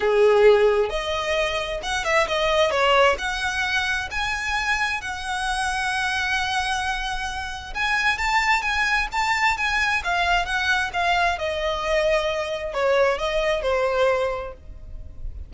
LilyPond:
\new Staff \with { instrumentName = "violin" } { \time 4/4 \tempo 4 = 132 gis'2 dis''2 | fis''8 e''8 dis''4 cis''4 fis''4~ | fis''4 gis''2 fis''4~ | fis''1~ |
fis''4 gis''4 a''4 gis''4 | a''4 gis''4 f''4 fis''4 | f''4 dis''2. | cis''4 dis''4 c''2 | }